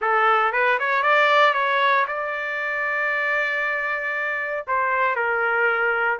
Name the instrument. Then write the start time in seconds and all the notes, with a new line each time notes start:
trumpet
0.01 A4
0.52 B4
0.79 C#5
1.02 D5
1.53 C#5
2.07 D5
4.67 C5
5.15 A#4